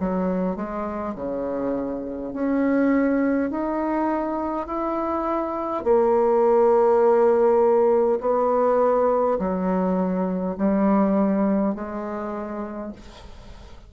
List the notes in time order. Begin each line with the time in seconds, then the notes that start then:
0.00 F#3
0.56 G#3
1.15 C#3
2.33 C#4
3.50 D#4
4.67 E4
5.84 A#3
8.20 B3
9.39 F#3
10.57 G3
11.74 G#3